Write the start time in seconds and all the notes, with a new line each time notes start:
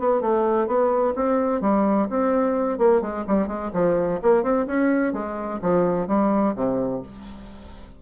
0.00 B3
0.21 A3
0.68 B3
1.16 C4
1.62 G3
2.10 C4
2.79 A#3
3.02 G#3
3.28 G3
3.48 G#3
3.74 F3
4.23 A#3
4.43 C4
4.67 C#4
5.13 G#3
5.62 F3
6.08 G3
6.56 C3